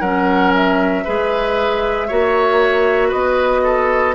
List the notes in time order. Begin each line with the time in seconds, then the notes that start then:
0.00 F#3 C#4 A#4 F#5
0.54 E5
1.04 G#3 G#4 B4
2.08 A#3 F#4 C#5
3.08 B3 B4 D#5
3.63 A4